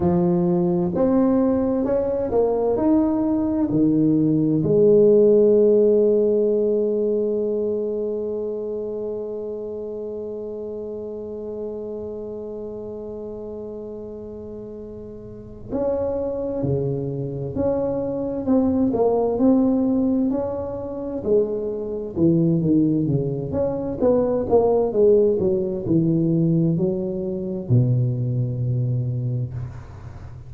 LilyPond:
\new Staff \with { instrumentName = "tuba" } { \time 4/4 \tempo 4 = 65 f4 c'4 cis'8 ais8 dis'4 | dis4 gis2.~ | gis1~ | gis1~ |
gis4 cis'4 cis4 cis'4 | c'8 ais8 c'4 cis'4 gis4 | e8 dis8 cis8 cis'8 b8 ais8 gis8 fis8 | e4 fis4 b,2 | }